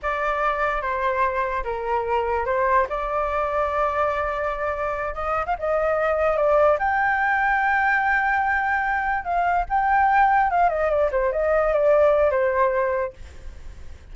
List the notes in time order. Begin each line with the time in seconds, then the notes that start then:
0.02 D5
0.81 C5
1.64 A#4
2.45 C5
2.89 D5
5.14 D#5
5.45 F5
5.59 D#5
6.36 D5
6.78 G5
9.24 F5
9.69 G5
10.50 F5
10.69 D#5
10.89 D5
11.11 C5
11.32 D#5
11.73 D5
12.31 C5